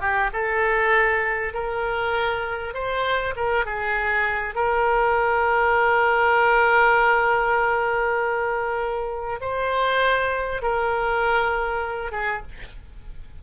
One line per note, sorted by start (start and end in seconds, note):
0.00 0.30 G4
0.33 1.53 A4
1.53 2.74 A#4
2.74 3.34 C5
3.36 3.65 A#4
3.65 4.54 G#4
4.54 9.39 A#4
9.40 10.62 C5
10.62 12.11 A#4
12.11 12.42 G#4